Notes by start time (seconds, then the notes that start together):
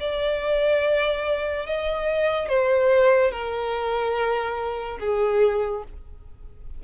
0.00 D5
1.66 D#5
2.49 C5
3.31 A#4
5.00 G#4